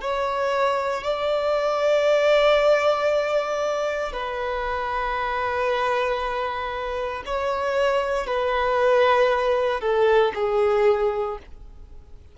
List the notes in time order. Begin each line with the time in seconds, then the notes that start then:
0.00 C#5
1.03 D5
4.12 B4
7.26 C#5
8.26 B4
9.80 A4
10.34 G#4